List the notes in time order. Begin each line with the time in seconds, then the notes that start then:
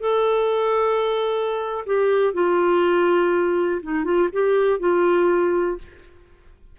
0.00 A4
1.86 G4
2.33 F4
3.82 D#4
4.04 F4
4.32 G4
4.79 F4